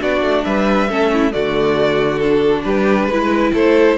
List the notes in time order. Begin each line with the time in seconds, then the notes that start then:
0.00 B3 D4 F#4 D5
0.20 A3
0.44 G3 B4 E5
0.89 A3 C#4 A4
1.13 E4
1.31 D3 A3 F#4 D5
2.18 D4 A4
2.64 G3 G4 B4
3.08 G#3 E4 B4
3.53 A3 A4 C5